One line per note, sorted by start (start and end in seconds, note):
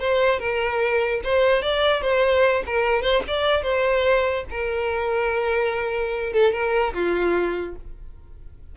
0.00 0.40 C5
0.40 1.22 A#4
1.24 1.63 C5
1.63 2.02 D5
2.02 2.63 C5
2.67 3.03 A#4
3.03 3.23 C5
3.28 3.63 D5
3.63 4.45 C5
4.51 6.33 A#4
6.33 6.53 A4
6.53 6.94 A#4
6.94 7.76 F4